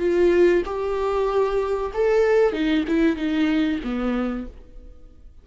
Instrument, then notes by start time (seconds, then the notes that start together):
viola
0.00 F4
0.66 G4
1.94 A4
2.53 D#4
2.88 E4
3.17 D#4
3.84 B3